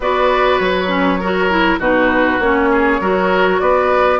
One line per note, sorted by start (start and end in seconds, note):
0.00 0.59 B3
0.00 0.87 F#4
0.00 1.20 B4
0.00 0.59 D5
0.59 1.78 F#3
0.59 1.79 C#5
0.87 1.17 C#4
1.20 1.50 F#4
1.20 1.79 A#4
1.50 1.79 E4
1.78 2.38 B2
1.78 2.40 D#4
1.78 2.69 F#4
1.78 2.40 B4
2.39 2.99 A#3
2.39 3.01 C#4
2.39 3.60 C#5
2.71 3.00 G#4
3.00 3.60 F#3
3.00 4.19 F#4
3.00 3.60 A#4
3.60 4.19 B3
3.60 4.19 B4
3.60 4.19 D5